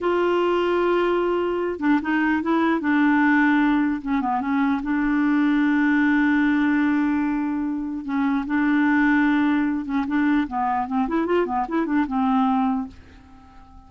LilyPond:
\new Staff \with { instrumentName = "clarinet" } { \time 4/4 \tempo 4 = 149 f'1~ | f'8 d'8 dis'4 e'4 d'4~ | d'2 cis'8 b8 cis'4 | d'1~ |
d'1 | cis'4 d'2.~ | d'8 cis'8 d'4 b4 c'8 e'8 | f'8 b8 e'8 d'8 c'2 | }